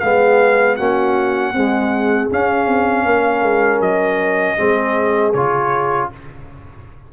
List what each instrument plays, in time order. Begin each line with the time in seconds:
0.00 tuba G#3, trombone B3, horn G#4, trumpet F5
0.76 tuba A#3, trombone C#4, horn F#4, trumpet F#5
1.53 trombone G#3, tuba C4, horn G#4
2.30 trombone C#4, tuba C#4, trumpet F5
2.67 tuba C4
3.05 tuba A#3, horn A#4
3.43 tuba G#3
3.80 tuba F#3, trumpet D#5
4.57 tuba G#3, trombone C4, horn G#4
5.33 tuba C#3, trombone F4, trumpet C#5